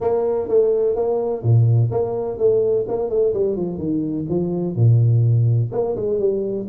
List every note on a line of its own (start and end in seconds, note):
0.01 0.48 A#3
0.48 0.95 A3
0.95 1.42 A#3
1.42 1.90 A#2
1.91 2.38 A#3
2.38 2.85 A3
2.87 3.09 A#3
3.09 3.33 A3
3.33 3.56 G3
3.56 3.77 F3
3.77 4.25 D#3
4.29 4.75 F3
4.75 5.70 A#2
5.71 5.95 A#3
5.96 6.19 G#3
6.19 6.66 G3